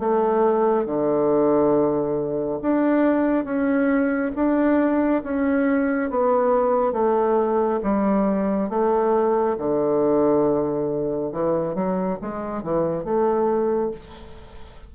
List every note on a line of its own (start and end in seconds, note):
0.00 0.86 A3
0.86 2.60 D3
2.62 3.45 D4
3.45 4.32 C#4
4.36 5.23 D4
5.24 6.11 C#4
6.11 6.93 B3
6.93 7.80 A3
7.83 8.70 G3
8.70 9.57 A3
9.58 11.32 D3
11.33 11.75 E3
11.75 12.19 F#3
12.22 12.63 G#3
12.63 13.05 E3
13.05 13.92 A3